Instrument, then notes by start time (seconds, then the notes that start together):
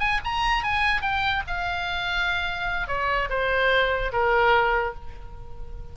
oboe
0.00 G#5
0.25 A#5
0.64 G#5
1.02 G5
1.48 F5
2.88 C#5
3.30 C5
4.13 A#4